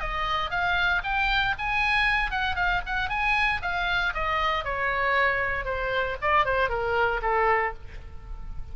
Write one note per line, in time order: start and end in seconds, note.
0.00 0.50 D#5
0.50 1.02 F5
1.04 1.55 G5
1.58 2.31 G#5
2.31 2.56 F#5
2.56 2.81 F5
2.86 3.09 F#5
3.09 3.61 G#5
3.62 4.14 F5
4.14 4.65 D#5
4.65 5.65 C#5
5.65 6.16 C5
6.22 6.45 D5
6.45 6.69 C5
6.69 7.21 A#4
7.22 7.74 A4